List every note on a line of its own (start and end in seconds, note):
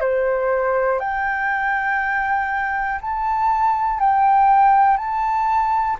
0.00 0.99 C5
0.99 2.99 G5
3.01 3.99 A5
3.99 4.97 G5
4.97 5.97 A5